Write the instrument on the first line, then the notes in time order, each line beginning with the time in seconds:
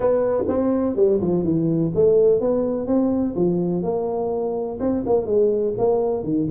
tuba
0.00 B3
0.48 C4
0.96 G3
1.20 F3
1.44 E3
1.94 A3
2.40 B3
2.86 C4
3.35 F3
3.82 A#3
4.80 C4
5.06 A#3
5.25 G#3
5.78 A#3
6.23 D#3